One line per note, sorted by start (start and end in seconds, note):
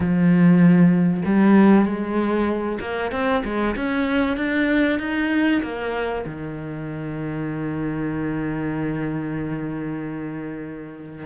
0.00 1.22 F3
1.25 1.85 G3
1.85 2.78 G#3
2.80 3.11 A#3
3.11 3.43 C4
3.44 3.75 G#3
3.76 4.37 C#4
4.37 4.99 D4
4.99 5.61 D#4
5.62 6.24 A#3
6.26 11.25 D#3